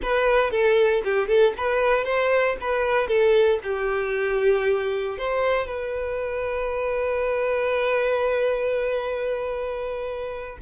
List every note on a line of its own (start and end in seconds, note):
0.02 0.50 B4
0.50 1.02 A4
1.04 1.27 G4
1.27 1.53 A4
1.57 2.04 B4
2.04 2.56 C5
2.60 3.07 B4
3.07 3.59 A4
3.63 5.17 G4
5.17 5.66 C5
5.66 10.58 B4